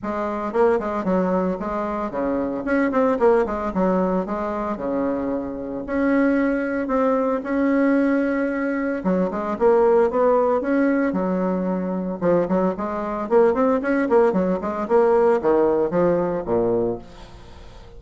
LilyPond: \new Staff \with { instrumentName = "bassoon" } { \time 4/4 \tempo 4 = 113 gis4 ais8 gis8 fis4 gis4 | cis4 cis'8 c'8 ais8 gis8 fis4 | gis4 cis2 cis'4~ | cis'4 c'4 cis'2~ |
cis'4 fis8 gis8 ais4 b4 | cis'4 fis2 f8 fis8 | gis4 ais8 c'8 cis'8 ais8 fis8 gis8 | ais4 dis4 f4 ais,4 | }